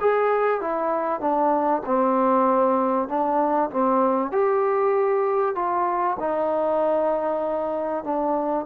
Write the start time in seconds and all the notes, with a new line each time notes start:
0.00 G#4
0.60 E4
1.20 D4
1.85 C4
3.08 D4
3.70 C4
4.32 G4
5.55 F4
6.19 D#4
8.04 D4